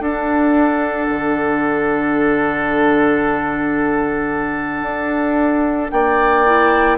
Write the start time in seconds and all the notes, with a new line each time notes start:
0.00 D4 A4 F#5
1.10 D3
4.82 D4
5.90 A#3 D5 G5
6.46 E4